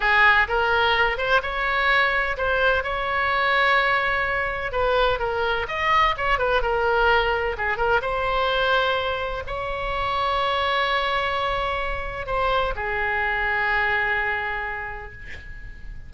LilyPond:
\new Staff \with { instrumentName = "oboe" } { \time 4/4 \tempo 4 = 127 gis'4 ais'4. c''8 cis''4~ | cis''4 c''4 cis''2~ | cis''2 b'4 ais'4 | dis''4 cis''8 b'8 ais'2 |
gis'8 ais'8 c''2. | cis''1~ | cis''2 c''4 gis'4~ | gis'1 | }